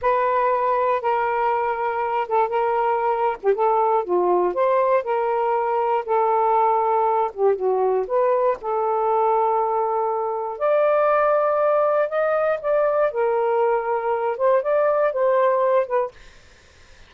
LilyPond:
\new Staff \with { instrumentName = "saxophone" } { \time 4/4 \tempo 4 = 119 b'2 ais'2~ | ais'8 a'8 ais'4.~ ais'16 g'16 a'4 | f'4 c''4 ais'2 | a'2~ a'8 g'8 fis'4 |
b'4 a'2.~ | a'4 d''2. | dis''4 d''4 ais'2~ | ais'8 c''8 d''4 c''4. b'8 | }